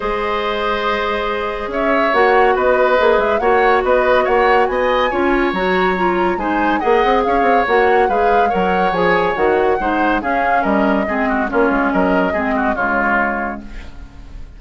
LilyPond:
<<
  \new Staff \with { instrumentName = "flute" } { \time 4/4 \tempo 4 = 141 dis''1 | e''4 fis''4 dis''4. e''8 | fis''4 dis''4 fis''4 gis''4~ | gis''4 ais''2 gis''4 |
fis''4 f''4 fis''4 f''4 | fis''4 gis''4 fis''2 | f''4 dis''2 cis''4 | dis''2 cis''2 | }
  \new Staff \with { instrumentName = "oboe" } { \time 4/4 c''1 | cis''2 b'2 | cis''4 b'4 cis''4 dis''4 | cis''2. c''4 |
dis''4 cis''2 b'4 | cis''2. c''4 | gis'4 ais'4 gis'8 fis'8 f'4 | ais'4 gis'8 fis'8 f'2 | }
  \new Staff \with { instrumentName = "clarinet" } { \time 4/4 gis'1~ | gis'4 fis'2 gis'4 | fis'1 | f'4 fis'4 f'4 dis'4 |
gis'2 fis'4 gis'4 | ais'4 gis'4 fis'4 dis'4 | cis'2 c'4 cis'4~ | cis'4 c'4 gis2 | }
  \new Staff \with { instrumentName = "bassoon" } { \time 4/4 gis1 | cis'4 ais4 b4 ais8 gis8 | ais4 b4 ais4 b4 | cis'4 fis2 gis4 |
ais8 c'8 cis'8 c'8 ais4 gis4 | fis4 f4 dis4 gis4 | cis'4 g4 gis4 ais8 gis8 | fis4 gis4 cis2 | }
>>